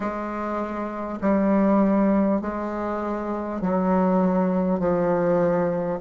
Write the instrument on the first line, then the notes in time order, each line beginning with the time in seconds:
bassoon
0.00 G#3
1.21 G3
2.41 G#3
3.61 F#3
4.79 F3